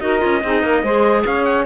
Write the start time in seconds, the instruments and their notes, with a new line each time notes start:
0.00 cello D#4, clarinet F#4, saxophone A#4, trumpet D#5
0.19 cello C#4, clarinet F4
0.43 cello C4, clarinet D#4, saxophone G#4
0.62 cello A#3, saxophone A#4
0.82 cello G#3, clarinet G#4, saxophone C5
1.26 cello C#4, saxophone C#5, trumpet F5
1.44 trumpet F#5